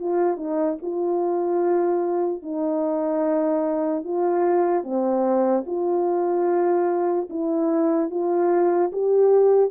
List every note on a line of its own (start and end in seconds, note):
0.00 0.37 F4
0.37 0.78 D#4
0.82 2.43 F4
2.43 4.04 D#4
4.04 4.84 F4
4.84 5.65 C4
5.67 7.29 F4
7.30 8.11 E4
8.11 8.92 F4
8.93 9.71 G4